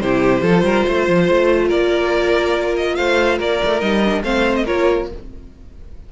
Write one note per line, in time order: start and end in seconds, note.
0.00 0.41 C3
0.00 0.43 E4
0.00 0.43 G4
0.00 1.69 C5
0.41 0.62 F3
0.41 3.80 F4
0.41 0.64 A4
0.62 0.83 G3
0.62 0.86 A#4
0.88 1.08 A3
0.88 1.68 C5
1.08 1.29 F3
1.29 1.71 A3
1.68 2.98 A#3
1.68 2.94 A#4
1.68 2.75 D5
2.76 2.96 D#5
2.96 3.40 A3
2.96 3.38 C5
2.96 3.38 F5
3.38 3.61 A#3
3.38 4.22 A#4
3.38 3.80 D5
3.64 3.81 A3
3.80 4.22 G3
3.80 4.01 D#4
3.80 4.22 D#5
4.05 4.24 D4
4.22 4.65 A3
4.22 4.66 C4
4.22 4.64 C5
4.22 4.55 F5
4.55 4.66 D#5
4.64 5.12 A#3
4.64 5.08 F4
4.64 5.07 A#4
4.64 5.09 C#5